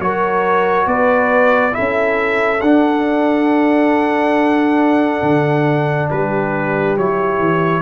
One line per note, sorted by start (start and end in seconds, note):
0.00 0.87 F#3
0.00 1.72 F#4
0.00 0.87 A#4
0.00 0.88 C#5
0.87 1.74 B3
0.87 1.74 B4
0.87 1.75 D5
1.72 2.59 E4
1.72 6.09 A4
1.72 2.61 E5
1.79 2.62 C#4
2.61 5.22 D4
2.61 6.99 D4
2.61 6.09 F#5
5.23 6.10 D3
6.09 6.97 G3
6.09 7.82 G4
6.09 6.97 B4
6.97 7.40 F#3
6.97 7.82 E4
6.97 7.82 C#5
7.40 7.82 E3